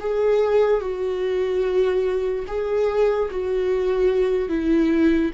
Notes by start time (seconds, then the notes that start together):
0.00 G#4
0.81 F#4
2.47 G#4
3.31 F#4
4.49 E4